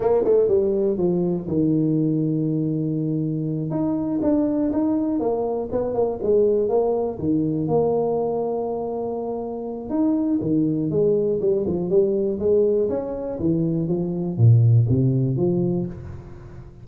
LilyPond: \new Staff \with { instrumentName = "tuba" } { \time 4/4 \tempo 4 = 121 ais8 a8 g4 f4 dis4~ | dis2.~ dis8 dis'8~ | dis'8 d'4 dis'4 ais4 b8 | ais8 gis4 ais4 dis4 ais8~ |
ais1 | dis'4 dis4 gis4 g8 f8 | g4 gis4 cis'4 e4 | f4 ais,4 c4 f4 | }